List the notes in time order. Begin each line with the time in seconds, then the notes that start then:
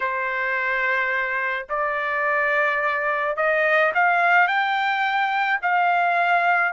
0.00 C5
1.69 D5
3.36 D#5
3.94 F5
4.47 G5
5.62 F5